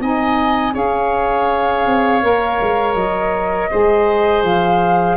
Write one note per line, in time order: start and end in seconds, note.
0.00 0.74 C4
0.00 0.73 D#4
0.00 0.74 D#5
0.00 0.75 G#5
0.73 1.86 C#4
0.73 2.22 G#4
0.73 3.70 C#5
0.73 2.95 F5
1.86 2.23 C4
2.22 2.60 A#3
2.22 3.70 A#4
2.61 2.95 G#3
2.95 3.69 F#3
2.95 4.43 D#5
3.71 4.44 G#3
3.71 5.17 G#4
3.71 5.17 C5
4.44 5.17 F3
4.44 5.17 F5